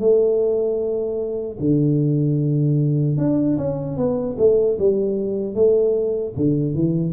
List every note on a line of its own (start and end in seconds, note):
0.00 1.58 A3
1.60 3.18 D3
3.18 3.57 D4
3.58 3.97 C#4
3.97 4.37 B3
4.39 4.78 A3
4.79 5.55 G3
5.55 6.34 A3
6.37 6.75 D3
6.75 7.13 E3